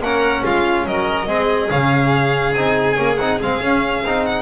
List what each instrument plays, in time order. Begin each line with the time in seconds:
0.00 double bass A#3, trombone C#4, violin A#4 F#5
0.43 double bass G#3, violin F4 F5
0.85 double bass F#3, violin A#4 D#5
1.27 double bass G#3, trombone C4, violin G#4
1.69 double bass C#3, trombone C#4, violin F5
2.54 double bass C4, trombone D#4, violin G#5
2.95 double bass A#3, trombone C#4
3.17 double bass C4, trombone D#4, violin F#5
3.41 double bass G#3, trombone C4, violin F5
3.60 double bass C#4, trombone C#4
4.03 double bass C4, trombone D#4
4.25 violin F#5